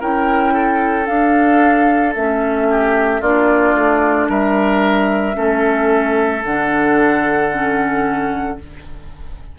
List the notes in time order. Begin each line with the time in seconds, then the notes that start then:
0.00 C#4 E4 A#4 G5
0.54 A4
1.05 D4 F5
2.15 A3 C#4 E5
2.70 G4
3.21 A#3 D4 F4 D5
3.74 A3
4.29 G3 A#4 E5
5.33 A3 C#4 A4
6.44 D3 D4 F#5
7.52 C#4